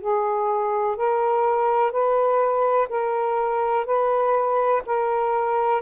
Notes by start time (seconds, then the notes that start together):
0.00 G#4
0.96 A#4
1.91 B4
2.89 A#4
3.85 B4
4.86 A#4